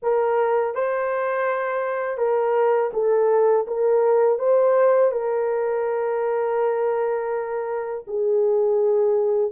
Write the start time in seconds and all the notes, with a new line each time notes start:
0.02 A#4
0.75 C5
2.17 A#4
2.93 A4
3.67 A#4
4.38 C5
5.11 A#4
8.07 G#4